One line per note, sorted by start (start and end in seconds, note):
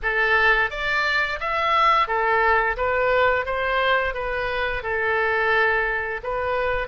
0.02 0.70 A4
0.70 1.39 D5
1.39 2.07 E5
2.07 2.76 A4
2.76 3.45 B4
3.45 4.14 C5
4.14 4.82 B4
4.82 6.20 A4
6.23 6.87 B4